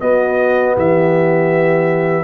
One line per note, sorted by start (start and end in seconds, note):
0.00 2.24 B3
0.00 0.76 B3
0.00 0.74 F#4
0.00 0.75 D#5
0.74 2.24 E3
0.74 2.24 G4
0.74 2.24 E5